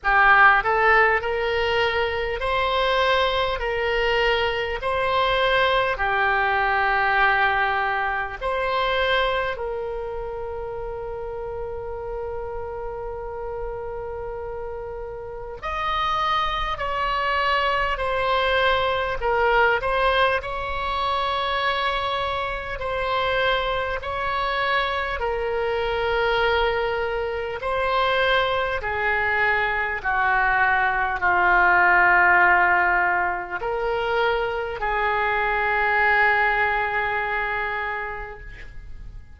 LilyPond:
\new Staff \with { instrumentName = "oboe" } { \time 4/4 \tempo 4 = 50 g'8 a'8 ais'4 c''4 ais'4 | c''4 g'2 c''4 | ais'1~ | ais'4 dis''4 cis''4 c''4 |
ais'8 c''8 cis''2 c''4 | cis''4 ais'2 c''4 | gis'4 fis'4 f'2 | ais'4 gis'2. | }